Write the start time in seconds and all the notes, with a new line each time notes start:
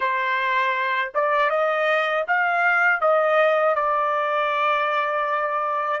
0.00 C5
1.14 D5
1.50 D#5
2.27 F5
3.00 D#5
3.75 D5